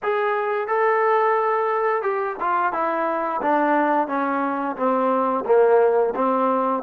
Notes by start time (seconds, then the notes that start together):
0.02 G#4
0.67 A4
2.02 G4
2.40 F4
2.72 E4
3.42 D4
4.07 C#4
4.76 C4
5.45 A#3
6.15 C4